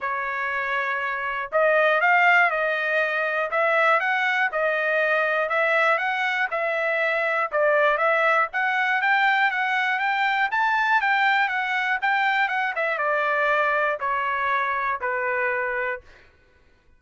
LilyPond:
\new Staff \with { instrumentName = "trumpet" } { \time 4/4 \tempo 4 = 120 cis''2. dis''4 | f''4 dis''2 e''4 | fis''4 dis''2 e''4 | fis''4 e''2 d''4 |
e''4 fis''4 g''4 fis''4 | g''4 a''4 g''4 fis''4 | g''4 fis''8 e''8 d''2 | cis''2 b'2 | }